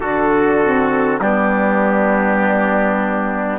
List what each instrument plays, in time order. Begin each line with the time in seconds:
0.00 bassoon D3, saxophone D4, trumpet F#4, oboe A4
0.64 saxophone C4
1.19 bassoon G3, saxophone B3, trumpet D4, oboe G4